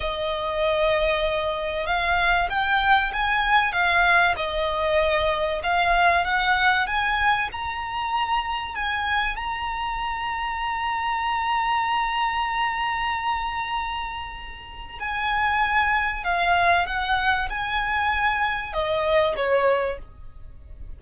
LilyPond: \new Staff \with { instrumentName = "violin" } { \time 4/4 \tempo 4 = 96 dis''2. f''4 | g''4 gis''4 f''4 dis''4~ | dis''4 f''4 fis''4 gis''4 | ais''2 gis''4 ais''4~ |
ais''1~ | ais''1 | gis''2 f''4 fis''4 | gis''2 dis''4 cis''4 | }